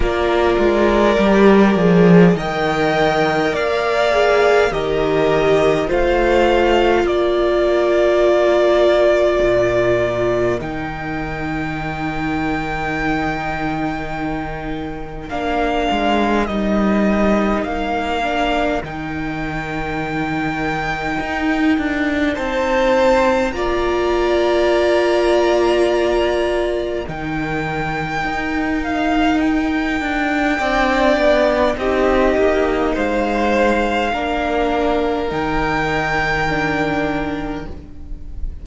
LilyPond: <<
  \new Staff \with { instrumentName = "violin" } { \time 4/4 \tempo 4 = 51 d''2 g''4 f''4 | dis''4 f''4 d''2~ | d''4 g''2.~ | g''4 f''4 dis''4 f''4 |
g''2. a''4 | ais''2. g''4~ | g''8 f''8 g''2 dis''4 | f''2 g''2 | }
  \new Staff \with { instrumentName = "violin" } { \time 4/4 ais'2 dis''4 d''4 | ais'4 c''4 ais'2~ | ais'1~ | ais'1~ |
ais'2. c''4 | d''2. ais'4~ | ais'2 d''4 g'4 | c''4 ais'2. | }
  \new Staff \with { instrumentName = "viola" } { \time 4/4 f'4 g'8 gis'8 ais'4. gis'8 | g'4 f'2.~ | f'4 dis'2.~ | dis'4 d'4 dis'4. d'8 |
dis'1 | f'2. dis'4~ | dis'2 d'4 dis'4~ | dis'4 d'4 dis'4 d'4 | }
  \new Staff \with { instrumentName = "cello" } { \time 4/4 ais8 gis8 g8 f8 dis4 ais4 | dis4 a4 ais2 | ais,4 dis2.~ | dis4 ais8 gis8 g4 ais4 |
dis2 dis'8 d'8 c'4 | ais2. dis4 | dis'4. d'8 c'8 b8 c'8 ais8 | gis4 ais4 dis2 | }
>>